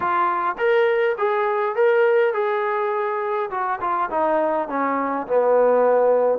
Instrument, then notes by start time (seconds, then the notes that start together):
trombone
0.00 F4
0.57 A#4
1.18 G#4
1.75 A#4
2.33 G#4
3.50 F#4
3.80 F4
4.10 D#4
4.68 C#4
5.27 B3